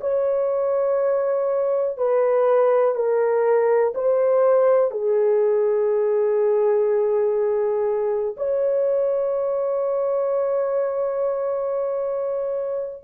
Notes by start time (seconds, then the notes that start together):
0.00 C#5
1.97 B4
2.95 A#4
3.94 C5
4.90 G#4
8.37 C#5